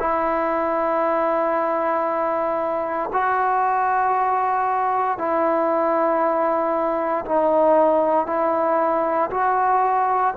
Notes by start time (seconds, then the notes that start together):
0.00 E4
3.13 F#4
5.18 E4
7.26 D#4
8.27 E4
9.31 F#4